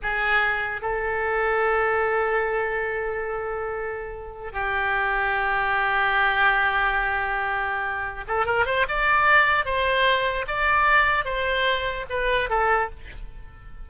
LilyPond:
\new Staff \with { instrumentName = "oboe" } { \time 4/4 \tempo 4 = 149 gis'2 a'2~ | a'1~ | a'2.~ a'16 g'8.~ | g'1~ |
g'1~ | g'8 a'8 ais'8 c''8 d''2 | c''2 d''2 | c''2 b'4 a'4 | }